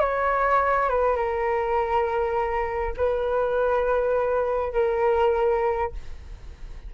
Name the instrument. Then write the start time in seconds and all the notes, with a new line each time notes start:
flute
0.00 C#5
0.89 B4
1.16 A#4
2.96 B4
4.73 A#4